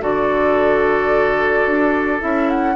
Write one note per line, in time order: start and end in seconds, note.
0.00 1.66 D3
0.00 2.20 F#4
0.00 2.76 A4
0.00 2.22 D5
1.66 2.21 D4
2.20 2.76 C#4
2.20 2.75 E4
2.20 2.50 E5
2.50 2.76 F#5